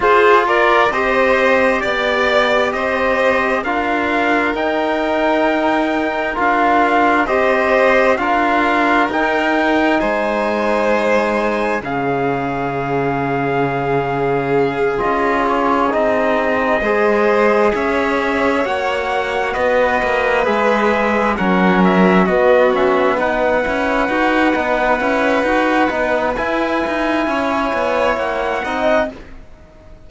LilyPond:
<<
  \new Staff \with { instrumentName = "trumpet" } { \time 4/4 \tempo 4 = 66 c''8 d''8 dis''4 d''4 dis''4 | f''4 g''2 f''4 | dis''4 f''4 g''4 gis''4~ | gis''4 f''2.~ |
f''8 dis''8 cis''8 dis''2 e''8~ | e''8 fis''4 dis''4 e''4 fis''8 | e''8 dis''8 e''8 fis''2~ fis''8~ | fis''4 gis''2 fis''4 | }
  \new Staff \with { instrumentName = "violin" } { \time 4/4 gis'8 ais'8 c''4 d''4 c''4 | ais'1 | c''4 ais'2 c''4~ | c''4 gis'2.~ |
gis'2~ gis'8 c''4 cis''8~ | cis''4. b'2 ais'8~ | ais'8 fis'4 b'2~ b'8~ | b'2 cis''4. dis''8 | }
  \new Staff \with { instrumentName = "trombone" } { \time 4/4 f'4 g'2. | f'4 dis'2 f'4 | g'4 f'4 dis'2~ | dis'4 cis'2.~ |
cis'8 f'4 dis'4 gis'4.~ | gis'8 fis'2 gis'4 cis'8~ | cis'8 b8 cis'8 dis'8 e'8 fis'8 dis'8 e'8 | fis'8 dis'8 e'2~ e'8 dis'8 | }
  \new Staff \with { instrumentName = "cello" } { \time 4/4 f'4 c'4 b4 c'4 | d'4 dis'2 d'4 | c'4 d'4 dis'4 gis4~ | gis4 cis2.~ |
cis8 cis'4 c'4 gis4 cis'8~ | cis'8 ais4 b8 ais8 gis4 fis8~ | fis8 b4. cis'8 dis'8 b8 cis'8 | dis'8 b8 e'8 dis'8 cis'8 b8 ais8 c'8 | }
>>